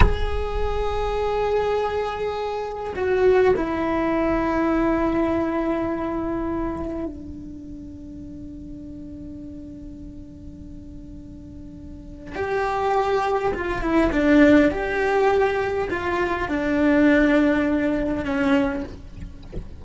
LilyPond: \new Staff \with { instrumentName = "cello" } { \time 4/4 \tempo 4 = 102 gis'1~ | gis'4 fis'4 e'2~ | e'1 | d'1~ |
d'1~ | d'4 g'2 f'8 e'8 | d'4 g'2 f'4 | d'2. cis'4 | }